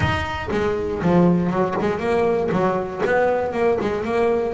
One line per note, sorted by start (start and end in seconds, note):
0.00 0.49 D#4
0.51 1.01 G#3
1.02 1.50 F3
1.50 1.75 F#3
1.80 1.99 G#3
1.99 2.49 A#3
2.51 3.02 F#3
3.05 3.52 B3
3.52 3.77 A#3
3.80 4.04 G#3
4.04 4.53 A#3